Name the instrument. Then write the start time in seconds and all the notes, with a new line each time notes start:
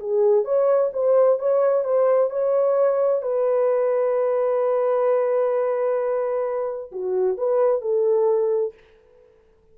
horn
0.00 G#4
0.44 C#5
0.93 C5
1.39 C#5
1.84 C5
2.30 C#5
3.22 B4
6.92 F#4
7.37 B4
7.81 A4